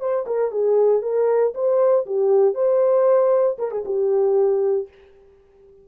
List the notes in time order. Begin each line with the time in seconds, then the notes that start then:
0.00 C5
0.26 A#4
0.51 G#4
1.02 A#4
1.55 C5
2.06 G4
2.55 C5
3.59 A#4
3.71 G#4
3.85 G4